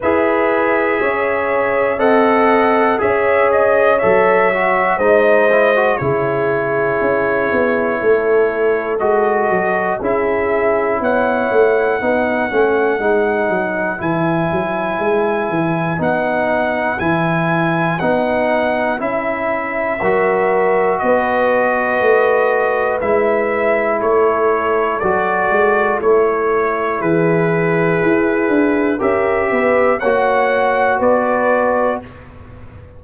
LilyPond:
<<
  \new Staff \with { instrumentName = "trumpet" } { \time 4/4 \tempo 4 = 60 e''2 fis''4 e''8 dis''8 | e''4 dis''4 cis''2~ | cis''4 dis''4 e''4 fis''4~ | fis''2 gis''2 |
fis''4 gis''4 fis''4 e''4~ | e''4 dis''2 e''4 | cis''4 d''4 cis''4 b'4~ | b'4 e''4 fis''4 d''4 | }
  \new Staff \with { instrumentName = "horn" } { \time 4/4 b'4 cis''4 dis''4 cis''4~ | cis''4 c''4 gis'2 | a'2 gis'4 cis''4 | b'1~ |
b'1 | ais'4 b'2. | a'2. gis'4~ | gis'4 ais'8 b'8 cis''4 b'4 | }
  \new Staff \with { instrumentName = "trombone" } { \time 4/4 gis'2 a'4 gis'4 | a'8 fis'8 dis'8 e'16 fis'16 e'2~ | e'4 fis'4 e'2 | dis'8 cis'8 dis'4 e'2 |
dis'4 e'4 dis'4 e'4 | fis'2. e'4~ | e'4 fis'4 e'2~ | e'4 g'4 fis'2 | }
  \new Staff \with { instrumentName = "tuba" } { \time 4/4 e'4 cis'4 c'4 cis'4 | fis4 gis4 cis4 cis'8 b8 | a4 gis8 fis8 cis'4 b8 a8 | b8 a8 gis8 fis8 e8 fis8 gis8 e8 |
b4 e4 b4 cis'4 | fis4 b4 a4 gis4 | a4 fis8 gis8 a4 e4 | e'8 d'8 cis'8 b8 ais4 b4 | }
>>